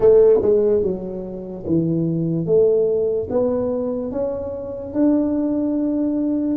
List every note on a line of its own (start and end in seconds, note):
0.00 0.40 A3
0.41 0.82 G#3
0.82 1.64 F#3
1.66 2.45 E3
2.45 3.28 A3
3.30 4.11 B3
4.11 4.93 C#4
4.93 6.56 D4